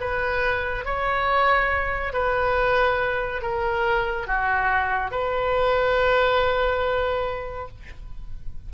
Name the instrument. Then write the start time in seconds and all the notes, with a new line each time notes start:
oboe
0.00 B4
0.85 C#5
2.13 B4
3.42 A#4
4.27 F#4
5.11 B4